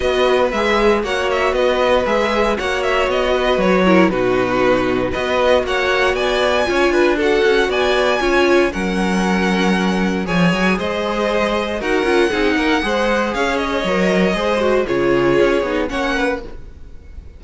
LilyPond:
<<
  \new Staff \with { instrumentName = "violin" } { \time 4/4 \tempo 4 = 117 dis''4 e''4 fis''8 e''8 dis''4 | e''4 fis''8 e''8 dis''4 cis''4 | b'2 dis''4 fis''4 | gis''2 fis''4 gis''4~ |
gis''4 fis''2. | gis''4 dis''2 fis''4~ | fis''2 f''8 dis''4.~ | dis''4 cis''2 fis''4 | }
  \new Staff \with { instrumentName = "violin" } { \time 4/4 b'2 cis''4 b'4~ | b'4 cis''4. b'4 ais'8 | fis'2 b'4 cis''4 | d''4 cis''8 b'8 a'4 d''4 |
cis''4 ais'2. | cis''4 c''2 ais'4 | gis'8 ais'8 c''4 cis''2 | c''4 gis'2 cis''8 b'8 | }
  \new Staff \with { instrumentName = "viola" } { \time 4/4 fis'4 gis'4 fis'2 | gis'4 fis'2~ fis'8 e'8 | dis'2 fis'2~ | fis'4 f'4 fis'2 |
f'4 cis'2. | gis'2. fis'8 f'8 | dis'4 gis'2 ais'4 | gis'8 fis'8 f'4. dis'8 cis'4 | }
  \new Staff \with { instrumentName = "cello" } { \time 4/4 b4 gis4 ais4 b4 | gis4 ais4 b4 fis4 | b,2 b4 ais4 | b4 cis'8 d'4 cis'8 b4 |
cis'4 fis2. | f8 fis8 gis2 dis'8 cis'8 | c'8 ais8 gis4 cis'4 fis4 | gis4 cis4 cis'8 b8 ais4 | }
>>